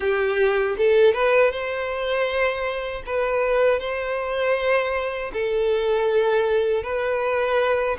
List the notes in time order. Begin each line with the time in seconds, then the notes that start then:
0.00 G4
0.77 A4
1.13 B4
1.51 C5
3.06 B4
3.79 C5
5.33 A4
6.83 B4